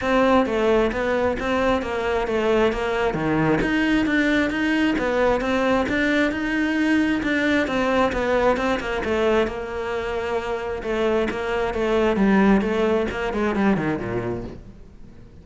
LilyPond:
\new Staff \with { instrumentName = "cello" } { \time 4/4 \tempo 4 = 133 c'4 a4 b4 c'4 | ais4 a4 ais4 dis4 | dis'4 d'4 dis'4 b4 | c'4 d'4 dis'2 |
d'4 c'4 b4 c'8 ais8 | a4 ais2. | a4 ais4 a4 g4 | a4 ais8 gis8 g8 dis8 ais,4 | }